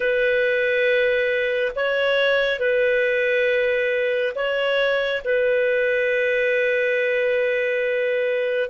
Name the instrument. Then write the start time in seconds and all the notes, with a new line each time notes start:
clarinet
0.00 B4
1.75 C#5
2.59 B4
4.35 C#5
5.24 B4